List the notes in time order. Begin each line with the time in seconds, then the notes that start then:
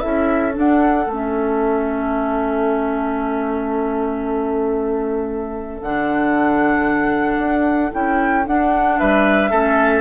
0.00 C#4 E4 A4 E5
0.52 D4
0.59 F#5
1.06 A3 C#4 E5
5.82 D3 D4 F#5
7.38 D4
7.92 C#4 E4 G5
8.46 D4 F#5
8.99 G3 B4 E5
9.50 A3 C#4 A4